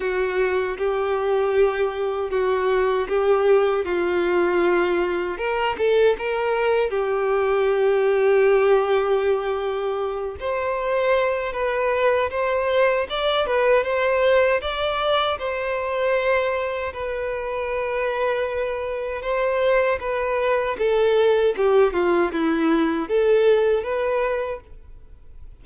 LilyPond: \new Staff \with { instrumentName = "violin" } { \time 4/4 \tempo 4 = 78 fis'4 g'2 fis'4 | g'4 f'2 ais'8 a'8 | ais'4 g'2.~ | g'4. c''4. b'4 |
c''4 d''8 b'8 c''4 d''4 | c''2 b'2~ | b'4 c''4 b'4 a'4 | g'8 f'8 e'4 a'4 b'4 | }